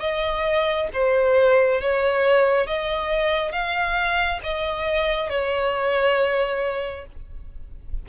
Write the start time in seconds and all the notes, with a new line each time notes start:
0.00 D#5
0.93 C5
1.81 C#5
2.67 D#5
3.52 F5
4.44 D#5
5.30 C#5